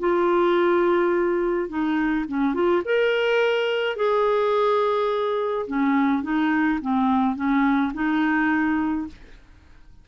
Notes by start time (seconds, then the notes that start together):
0.00 F4
1.69 D#4
2.29 C#4
2.54 F4
2.86 A#4
3.97 G#4
5.68 C#4
6.23 D#4
6.82 C4
7.36 C#4
7.94 D#4